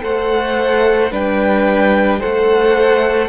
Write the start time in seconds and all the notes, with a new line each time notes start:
0.00 A3 A4 C5 F#5
1.11 G3 D4 B4 G5
2.20 A3 A4 C5 F#5